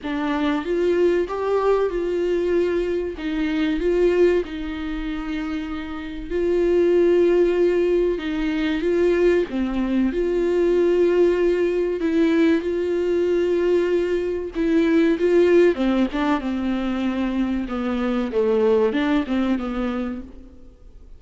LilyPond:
\new Staff \with { instrumentName = "viola" } { \time 4/4 \tempo 4 = 95 d'4 f'4 g'4 f'4~ | f'4 dis'4 f'4 dis'4~ | dis'2 f'2~ | f'4 dis'4 f'4 c'4 |
f'2. e'4 | f'2. e'4 | f'4 c'8 d'8 c'2 | b4 a4 d'8 c'8 b4 | }